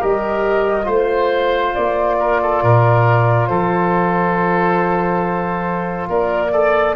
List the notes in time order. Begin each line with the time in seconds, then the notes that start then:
0.00 G3 G4 A#4 D#5
0.84 A3 F4 C5
0.90 C5
1.75 A#3 D5
2.19 A#4
2.43 A4
2.63 A#2 A#4
3.47 F3 A4 C5
6.09 A#3 A#4 D5
6.52 A4 D5